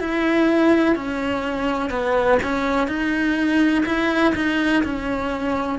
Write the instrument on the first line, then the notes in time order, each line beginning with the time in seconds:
cello
0.00 E4
0.96 C#4
1.90 B3
2.43 C#4
2.88 D#4
3.86 E4
4.35 D#4
4.84 C#4